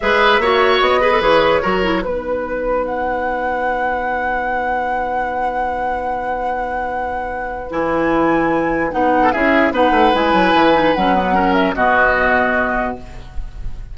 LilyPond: <<
  \new Staff \with { instrumentName = "flute" } { \time 4/4 \tempo 4 = 148 e''2 dis''4 cis''4~ | cis''4 b'2 fis''4~ | fis''1~ | fis''1~ |
fis''2. gis''4~ | gis''2 fis''4 e''4 | fis''4 gis''2 fis''4~ | fis''8 e''8 dis''2. | }
  \new Staff \with { instrumentName = "oboe" } { \time 4/4 b'4 cis''4. b'4. | ais'4 b'2.~ | b'1~ | b'1~ |
b'1~ | b'2~ b'8. a'16 gis'4 | b'1 | ais'4 fis'2. | }
  \new Staff \with { instrumentName = "clarinet" } { \time 4/4 gis'4 fis'4. gis'16 a'16 gis'4 | fis'8 e'8 dis'2.~ | dis'1~ | dis'1~ |
dis'2. e'4~ | e'2 dis'4 e'4 | dis'4 e'4. dis'8 cis'8 b8 | cis'4 b2. | }
  \new Staff \with { instrumentName = "bassoon" } { \time 4/4 gis4 ais4 b4 e4 | fis4 b2.~ | b1~ | b1~ |
b2. e4~ | e2 b4 cis'4 | b8 a8 gis8 fis8 e4 fis4~ | fis4 b,2. | }
>>